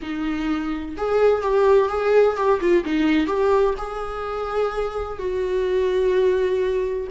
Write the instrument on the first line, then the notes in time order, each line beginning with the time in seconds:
viola
0.02 D#4
0.97 G#4
1.42 G4
1.89 G#4
2.36 G4
2.60 F4
2.84 D#4
3.27 G4
3.77 G#4
5.18 F#4